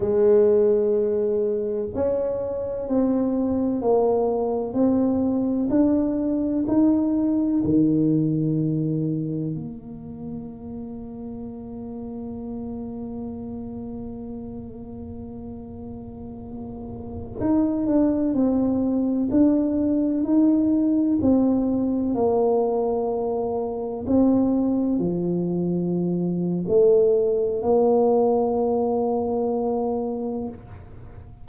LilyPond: \new Staff \with { instrumentName = "tuba" } { \time 4/4 \tempo 4 = 63 gis2 cis'4 c'4 | ais4 c'4 d'4 dis'4 | dis2 ais2~ | ais1~ |
ais2~ ais16 dis'8 d'8 c'8.~ | c'16 d'4 dis'4 c'4 ais8.~ | ais4~ ais16 c'4 f4.~ f16 | a4 ais2. | }